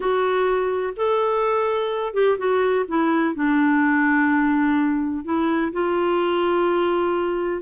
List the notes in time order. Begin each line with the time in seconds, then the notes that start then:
0.00 F#4
0.96 A4
2.13 G4
2.38 F#4
2.87 E4
3.34 D4
5.24 E4
5.72 F4